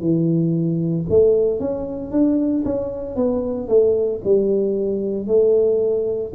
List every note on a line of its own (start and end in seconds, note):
0.00 1.05 E3
1.09 1.59 A3
1.59 2.11 C#4
2.11 2.64 D4
2.65 3.16 C#4
3.16 3.68 B3
3.68 4.21 A3
4.24 5.27 G3
5.27 6.32 A3